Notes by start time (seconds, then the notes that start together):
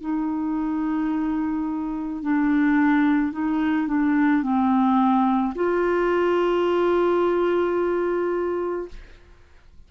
0.00 D#4
2.22 D4
3.32 D#4
3.87 D4
4.42 C4
5.55 F4